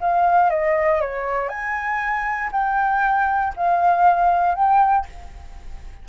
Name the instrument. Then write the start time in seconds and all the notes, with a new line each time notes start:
flute
0.00 F5
0.50 D#5
1.01 C#5
1.49 G#5
2.52 G5
3.56 F5
4.55 G5